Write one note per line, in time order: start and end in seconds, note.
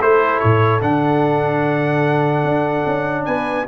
0.00 0.41 A3
0.00 0.81 E4
0.00 3.26 A4
0.00 0.40 C5
0.40 0.82 A2
0.40 0.81 C#5
0.81 2.44 D3
0.81 3.67 D4
0.81 3.26 F#5
2.44 2.85 D4
2.86 3.27 C#4
3.26 3.68 B3
3.26 3.66 B4
3.26 3.66 G#5